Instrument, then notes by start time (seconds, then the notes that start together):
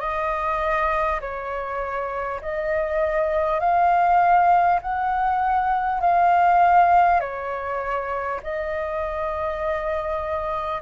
flute
0.00 D#5
1.21 C#5
2.41 D#5
3.59 F5
4.82 F#5
6.00 F5
7.20 C#5
8.43 D#5